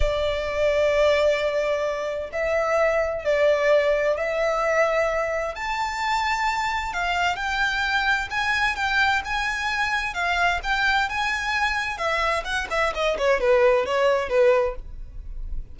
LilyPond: \new Staff \with { instrumentName = "violin" } { \time 4/4 \tempo 4 = 130 d''1~ | d''4 e''2 d''4~ | d''4 e''2. | a''2. f''4 |
g''2 gis''4 g''4 | gis''2 f''4 g''4 | gis''2 e''4 fis''8 e''8 | dis''8 cis''8 b'4 cis''4 b'4 | }